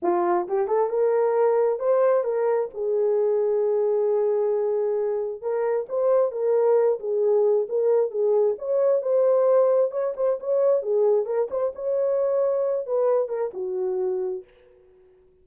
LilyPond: \new Staff \with { instrumentName = "horn" } { \time 4/4 \tempo 4 = 133 f'4 g'8 a'8 ais'2 | c''4 ais'4 gis'2~ | gis'1 | ais'4 c''4 ais'4. gis'8~ |
gis'4 ais'4 gis'4 cis''4 | c''2 cis''8 c''8 cis''4 | gis'4 ais'8 c''8 cis''2~ | cis''8 b'4 ais'8 fis'2 | }